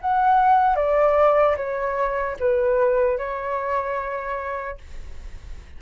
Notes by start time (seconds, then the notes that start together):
0.00 F#5
0.76 D5
1.56 C#5
2.39 B4
3.17 C#5